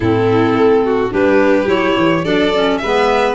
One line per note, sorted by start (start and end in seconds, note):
0.00 0.53 A2
0.00 1.10 C4
0.00 0.84 E4
0.00 1.12 A4
0.53 1.09 A3
0.85 1.13 F#4
1.10 1.66 G3
1.10 1.65 D4
1.10 2.23 G4
1.10 1.68 B4
1.65 1.94 F#3
1.65 2.21 E4
1.65 2.24 C#5
1.97 2.25 E3
2.23 2.81 F#3
2.23 2.52 D4
2.23 2.80 A4
2.23 2.77 D5
2.54 2.82 C#4
2.77 3.34 G#3
2.77 3.34 B4
2.77 3.33 E5
2.84 3.34 B3